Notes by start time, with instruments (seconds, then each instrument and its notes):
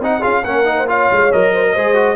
0.00 tuba C4, trombone D#4, horn D#5, trumpet F#5
0.20 tuba C#4, trombone F4, horn G#4, trumpet F5
0.44 tuba A#3, trombone C#4, horn A#4, trumpet F#5
0.65 trombone D#4
0.78 horn C5
0.87 trombone F4, horn C#5, trumpet F5
1.11 tuba G#3
1.32 tuba F#3, trombone A#4, trumpet D#5
1.53 horn C5
1.63 horn A#4
1.73 tuba G#3, trombone G#4, horn C5
1.94 trombone F#4